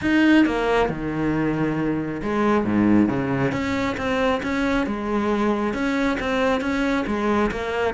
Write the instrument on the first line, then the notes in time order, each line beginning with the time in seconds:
cello
0.01 D#4
0.45 A#3
0.89 D#3
2.22 G#3
2.64 G#2
3.08 C#3
3.52 C#4
3.97 C4
4.42 C#4
4.86 G#3
5.73 C#4
6.19 C4
6.60 C#4
7.06 G#3
7.51 A#3